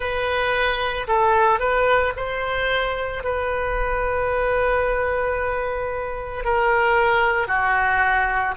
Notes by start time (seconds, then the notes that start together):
0.00 B4
1.07 A4
1.59 B4
2.16 C5
3.23 B4
6.44 A#4
7.47 F#4